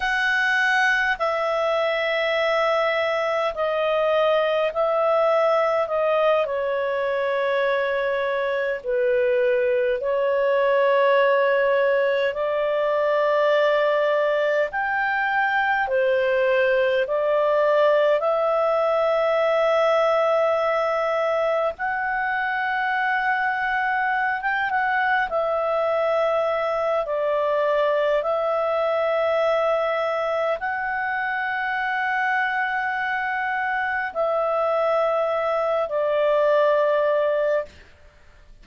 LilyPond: \new Staff \with { instrumentName = "clarinet" } { \time 4/4 \tempo 4 = 51 fis''4 e''2 dis''4 | e''4 dis''8 cis''2 b'8~ | b'8 cis''2 d''4.~ | d''8 g''4 c''4 d''4 e''8~ |
e''2~ e''8 fis''4.~ | fis''8. g''16 fis''8 e''4. d''4 | e''2 fis''2~ | fis''4 e''4. d''4. | }